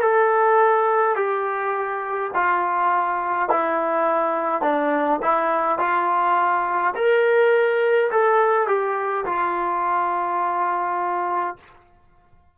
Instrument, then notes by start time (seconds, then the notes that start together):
trombone
0.00 A4
1.15 G4
2.34 F4
3.49 E4
4.62 D4
5.22 E4
5.78 F4
6.95 A#4
8.11 A4
8.67 G4
9.25 F4